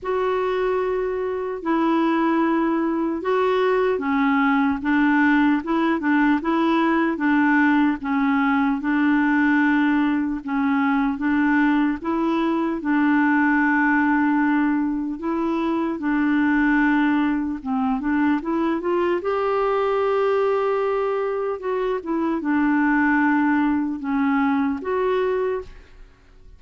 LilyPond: \new Staff \with { instrumentName = "clarinet" } { \time 4/4 \tempo 4 = 75 fis'2 e'2 | fis'4 cis'4 d'4 e'8 d'8 | e'4 d'4 cis'4 d'4~ | d'4 cis'4 d'4 e'4 |
d'2. e'4 | d'2 c'8 d'8 e'8 f'8 | g'2. fis'8 e'8 | d'2 cis'4 fis'4 | }